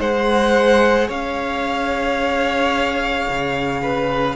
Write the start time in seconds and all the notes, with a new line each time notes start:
0.00 G#3 G#4 C5 F#5
1.08 C#4 C#5 F5
3.29 C#3
3.83 B4